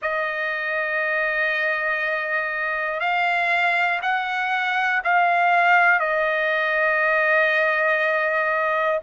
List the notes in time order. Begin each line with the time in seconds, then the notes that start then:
0.02 D#5
3.00 F5
4.02 F#5
5.04 F5
5.99 D#5